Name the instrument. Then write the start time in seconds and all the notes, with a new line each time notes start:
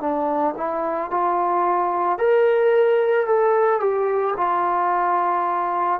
trombone
0.00 D4
0.57 E4
1.10 F4
2.18 A#4
3.26 A4
3.80 G4
4.36 F4